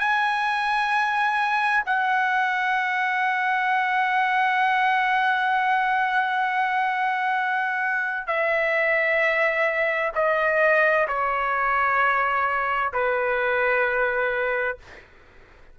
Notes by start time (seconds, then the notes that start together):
0.00 G#5
1.86 F#5
8.27 E5
10.16 D#5
11.08 C#5
12.94 B4